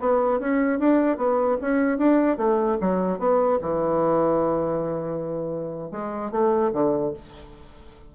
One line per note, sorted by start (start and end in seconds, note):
0.00 0.40 B3
0.40 0.79 C#4
0.79 1.17 D4
1.17 1.58 B3
1.62 1.98 C#4
1.98 2.37 D4
2.37 2.78 A3
2.81 3.19 F#3
3.19 3.59 B3
3.61 5.92 E3
5.92 6.31 G#3
6.31 6.72 A3
6.73 7.13 D3